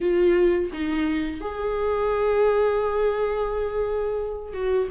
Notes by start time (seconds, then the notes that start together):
0.00 F4
0.72 D#4
1.40 G#4
4.53 F#4